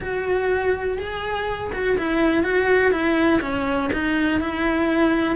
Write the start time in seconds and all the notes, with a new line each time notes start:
0.00 F#4
0.98 G#4
1.73 F#4
1.98 E4
2.43 F#4
2.91 E4
3.41 C#4
3.93 D#4
4.40 E4